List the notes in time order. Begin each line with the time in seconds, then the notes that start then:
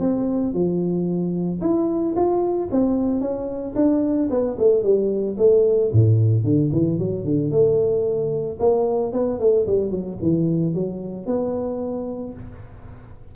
0.00 C4
0.54 F3
1.61 E4
2.16 F4
2.72 C4
3.21 C#4
3.75 D4
4.31 B3
4.59 A3
4.83 G3
5.38 A3
5.92 A2
6.44 D3
6.72 E3
6.99 F#3
7.25 D3
7.51 A3
8.60 A#3
9.13 B3
9.39 A3
9.67 G3
9.91 F#3
10.22 E3
10.74 F#3
11.26 B3